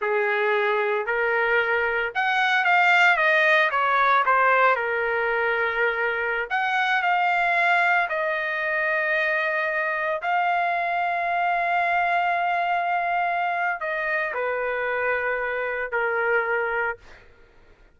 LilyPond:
\new Staff \with { instrumentName = "trumpet" } { \time 4/4 \tempo 4 = 113 gis'2 ais'2 | fis''4 f''4 dis''4 cis''4 | c''4 ais'2.~ | ais'16 fis''4 f''2 dis''8.~ |
dis''2.~ dis''16 f''8.~ | f''1~ | f''2 dis''4 b'4~ | b'2 ais'2 | }